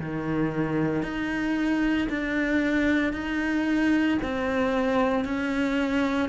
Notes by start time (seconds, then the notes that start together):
0.00 D#3
1.03 D#4
2.10 D4
3.13 D#4
4.22 C4
5.25 C#4